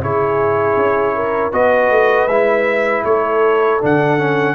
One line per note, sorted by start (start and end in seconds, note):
0.00 0.76 C#3
0.00 1.52 E4
0.00 1.15 G#4
0.00 1.53 C#5
0.76 1.52 C#4
1.15 1.52 A#4
1.52 1.90 B3
1.52 2.28 F#4
1.52 3.04 B4
1.52 2.28 D#5
1.90 2.28 A3
2.28 3.03 G#3
2.28 3.81 E4
2.28 3.04 E5
3.04 3.80 A3
3.04 4.54 A4
3.04 3.81 C#5
3.81 4.54 D3
3.81 4.18 D4
3.81 4.54 F#5
4.18 4.54 C#4